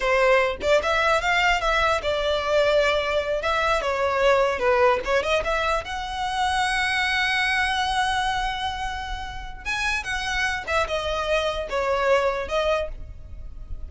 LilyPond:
\new Staff \with { instrumentName = "violin" } { \time 4/4 \tempo 4 = 149 c''4. d''8 e''4 f''4 | e''4 d''2.~ | d''8 e''4 cis''2 b'8~ | b'8 cis''8 dis''8 e''4 fis''4.~ |
fis''1~ | fis''1 | gis''4 fis''4. e''8 dis''4~ | dis''4 cis''2 dis''4 | }